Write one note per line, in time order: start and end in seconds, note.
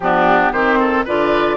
0.00 0.50 F3
0.00 0.54 B3
0.00 0.52 D4
0.00 0.52 G4
0.52 1.05 D#3
0.52 1.07 C4
0.52 0.78 G4
0.52 1.04 C5
0.79 1.04 A4
1.04 1.56 D3
1.04 1.56 F4
1.04 1.56 B4
1.04 1.56 D5